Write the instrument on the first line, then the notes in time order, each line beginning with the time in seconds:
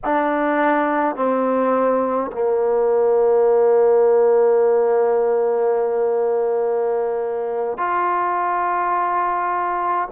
trombone
0.04 D4
1.15 C4
2.32 A#3
7.77 F4